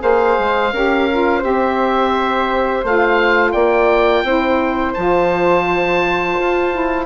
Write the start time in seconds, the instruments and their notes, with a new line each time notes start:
0.00 bassoon A#3, saxophone G#4, flute C5, oboe F5
0.39 bassoon G#3
0.73 bassoon C#4, saxophone G4, flute A#4
1.12 saxophone F4
1.39 bassoon C4, saxophone G4, flute C5, oboe E5
2.84 bassoon A3, saxophone F4, oboe F5
3.52 bassoon A#3, flute D5, oboe G5
4.24 bassoon C4, saxophone E4, flute C5
4.94 bassoon F3, saxophone F4, oboe A5
6.40 bassoon F4
6.72 saxophone E4